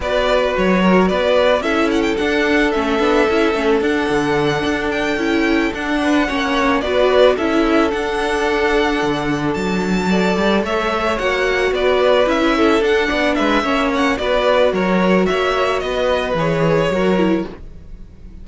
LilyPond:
<<
  \new Staff \with { instrumentName = "violin" } { \time 4/4 \tempo 4 = 110 d''4 cis''4 d''4 e''8 fis''16 g''16 | fis''4 e''2 fis''4~ | fis''4 g''4. fis''4.~ | fis''8 d''4 e''4 fis''4.~ |
fis''4. a''2 e''8~ | e''8 fis''4 d''4 e''4 fis''8~ | fis''8 e''4 fis''8 d''4 cis''4 | e''4 dis''4 cis''2 | }
  \new Staff \with { instrumentName = "violin" } { \time 4/4 b'4. ais'8 b'4 a'4~ | a'1~ | a'2. b'8 cis''8~ | cis''8 b'4 a'2~ a'8~ |
a'2~ a'8 d''4 cis''8~ | cis''4. b'4. a'4 | d''8 b'8 cis''4 b'4 ais'4 | cis''4 b'2 ais'4 | }
  \new Staff \with { instrumentName = "viola" } { \time 4/4 fis'2. e'4 | d'4 cis'8 d'8 e'8 cis'8 d'4~ | d'4. e'4 d'4 cis'8~ | cis'8 fis'4 e'4 d'4.~ |
d'2~ d'8 a'4.~ | a'8 fis'2 e'4 d'8~ | d'4 cis'4 fis'2~ | fis'2 gis'4 fis'8 e'8 | }
  \new Staff \with { instrumentName = "cello" } { \time 4/4 b4 fis4 b4 cis'4 | d'4 a8 b8 cis'8 a8 d'8 d8~ | d8 d'4 cis'4 d'4 ais8~ | ais8 b4 cis'4 d'4.~ |
d'8 d4 fis4. g8 a8~ | a8 ais4 b4 cis'4 d'8 | b8 gis8 ais4 b4 fis4 | ais4 b4 e4 fis4 | }
>>